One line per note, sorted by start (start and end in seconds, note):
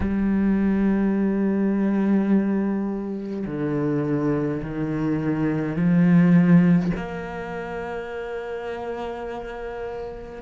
0.00 3.46 G3
3.46 4.62 D3
4.62 5.76 D#3
5.76 6.91 F3
6.95 10.42 A#3